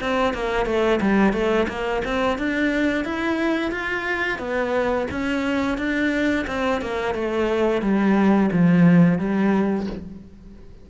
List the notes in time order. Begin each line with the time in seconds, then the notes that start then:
0.00 C4
0.33 A#3
0.65 A3
1.00 G3
1.33 A3
1.68 A#3
2.04 C4
2.38 D4
3.04 E4
3.71 F4
4.38 B3
5.11 C#4
5.77 D4
6.47 C4
6.81 A#3
7.14 A3
7.81 G3
8.52 F3
9.18 G3